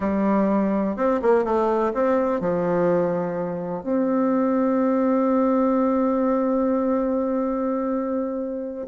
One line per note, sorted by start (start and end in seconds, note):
0.00 0.96 G3
0.96 1.20 C4
1.21 1.44 A#3
1.44 1.92 A3
1.93 2.40 C4
2.40 3.83 F3
3.83 8.87 C4